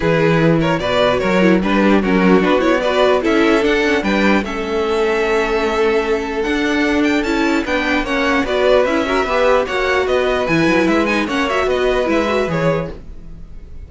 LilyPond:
<<
  \new Staff \with { instrumentName = "violin" } { \time 4/4 \tempo 4 = 149 b'4. cis''8 d''4 cis''4 | b'4 ais'4 b'8 cis''8 d''4 | e''4 fis''4 g''4 e''4~ | e''1 |
fis''4. g''8 a''4 g''4 | fis''4 d''4 e''2 | fis''4 dis''4 gis''4 e''8 gis''8 | fis''8 e''8 dis''4 e''4 cis''4 | }
  \new Staff \with { instrumentName = "violin" } { \time 4/4 gis'4. ais'8 b'4 ais'4 | b'8 g'8 fis'2 b'4 | a'2 b'4 a'4~ | a'1~ |
a'2. b'4 | cis''4 b'4. ais'8 b'4 | cis''4 b'2. | cis''4 b'2. | }
  \new Staff \with { instrumentName = "viola" } { \time 4/4 e'2 fis'4. e'8 | d'4 cis'4 d'8 e'8 fis'4 | e'4 d'8 cis'8 d'4 cis'4~ | cis'1 |
d'2 e'4 d'4 | cis'4 fis'4 e'8 fis'8 g'4 | fis'2 e'4. dis'8 | cis'8 fis'4. e'8 fis'8 gis'4 | }
  \new Staff \with { instrumentName = "cello" } { \time 4/4 e2 b,4 fis4 | g4 fis4 b2 | cis'4 d'4 g4 a4~ | a1 |
d'2 cis'4 b4 | ais4 b4 cis'4 b4 | ais4 b4 e8 fis8 gis4 | ais4 b4 gis4 e4 | }
>>